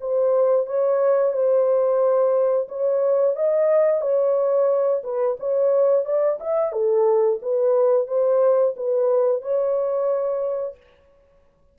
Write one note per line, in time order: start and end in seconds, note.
0.00 0.66 C5
0.66 1.33 C#5
1.33 2.68 C5
2.68 3.36 C#5
3.36 4.01 D#5
4.01 5.02 C#5
5.03 5.37 B4
5.39 6.05 C#5
6.05 6.39 D5
6.40 6.72 E5
6.72 7.39 A4
7.42 8.07 B4
8.07 8.74 C5
8.76 9.42 B4
9.42 10.77 C#5